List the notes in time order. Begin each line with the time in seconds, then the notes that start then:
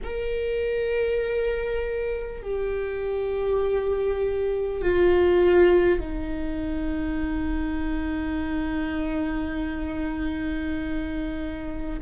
0.03 A#4
2.42 G4
4.81 F4
5.99 D#4